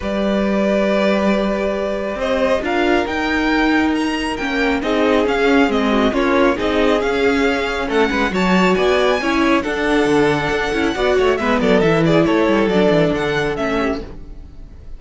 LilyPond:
<<
  \new Staff \with { instrumentName = "violin" } { \time 4/4 \tempo 4 = 137 d''1~ | d''4 dis''4 f''4 g''4~ | g''4 ais''4 g''4 dis''4 | f''4 dis''4 cis''4 dis''4 |
f''2 fis''4 a''4 | gis''2 fis''2~ | fis''2 e''8 d''8 e''8 d''8 | cis''4 d''4 fis''4 e''4 | }
  \new Staff \with { instrumentName = "violin" } { \time 4/4 b'1~ | b'4 c''4 ais'2~ | ais'2. gis'4~ | gis'4. fis'8 f'4 gis'4~ |
gis'2 a'8 b'8 cis''4 | d''4 cis''4 a'2~ | a'4 d''8 cis''8 b'8 a'4 gis'8 | a'2.~ a'8 g'8 | }
  \new Staff \with { instrumentName = "viola" } { \time 4/4 g'1~ | g'2 f'4 dis'4~ | dis'2 cis'4 dis'4 | cis'4 c'4 cis'4 dis'4 |
cis'2. fis'4~ | fis'4 e'4 d'2~ | d'8 e'8 fis'4 b4 e'4~ | e'4 d'2 cis'4 | }
  \new Staff \with { instrumentName = "cello" } { \time 4/4 g1~ | g4 c'4 d'4 dis'4~ | dis'2 ais4 c'4 | cis'4 gis4 ais4 c'4 |
cis'2 a8 gis8 fis4 | b4 cis'4 d'4 d4 | d'8 cis'8 b8 a8 gis8 fis8 e4 | a8 g8 fis8 e8 d4 a4 | }
>>